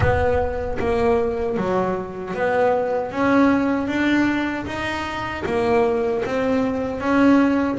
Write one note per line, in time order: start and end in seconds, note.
0.00 0.78 B3
0.79 1.57 A#3
1.57 2.34 F#3
2.34 3.11 B3
3.11 3.87 C#4
3.87 4.65 D4
4.65 5.43 D#4
5.46 6.24 A#3
6.25 7.00 C4
7.00 7.78 C#4